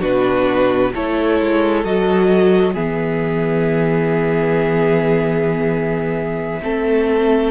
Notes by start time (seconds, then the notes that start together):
0.00 B2 D4 F#4 B4
0.94 A3 E4 A4 C#5
1.41 G#3
1.84 F#3 F#4 D#5
2.74 E3 B3 G#4 E5
6.62 A3 C4 A4